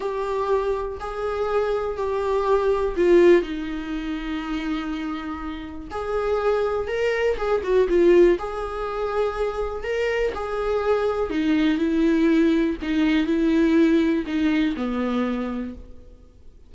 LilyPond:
\new Staff \with { instrumentName = "viola" } { \time 4/4 \tempo 4 = 122 g'2 gis'2 | g'2 f'4 dis'4~ | dis'1 | gis'2 ais'4 gis'8 fis'8 |
f'4 gis'2. | ais'4 gis'2 dis'4 | e'2 dis'4 e'4~ | e'4 dis'4 b2 | }